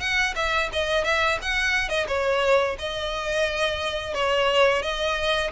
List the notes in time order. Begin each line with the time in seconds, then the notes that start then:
0.00 F#5
0.36 E5
0.73 D#5
1.05 E5
1.42 F#5
1.89 D#5
2.08 C#5
2.79 D#5
4.15 C#5
4.82 D#5